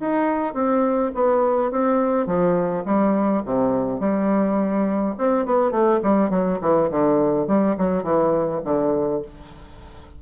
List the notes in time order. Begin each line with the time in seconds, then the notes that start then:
0.00 D#4
0.54 C4
1.15 B3
1.71 C4
2.27 F3
2.85 G3
3.45 C3
4.00 G3
5.18 C4
5.46 B3
5.71 A3
6.03 G3
6.30 F#3
6.61 E3
6.90 D3
7.47 G3
7.78 F#3
8.03 E3
8.65 D3